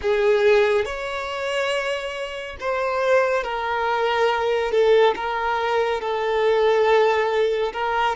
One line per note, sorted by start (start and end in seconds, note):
0.01 0.85 G#4
0.85 2.56 C#5
2.59 3.43 C5
3.43 4.71 A#4
4.71 5.14 A4
5.15 6.00 A#4
6.00 7.72 A4
7.73 8.15 A#4